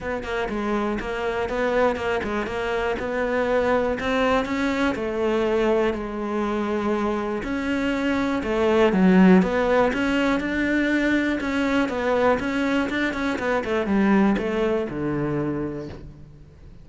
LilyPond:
\new Staff \with { instrumentName = "cello" } { \time 4/4 \tempo 4 = 121 b8 ais8 gis4 ais4 b4 | ais8 gis8 ais4 b2 | c'4 cis'4 a2 | gis2. cis'4~ |
cis'4 a4 fis4 b4 | cis'4 d'2 cis'4 | b4 cis'4 d'8 cis'8 b8 a8 | g4 a4 d2 | }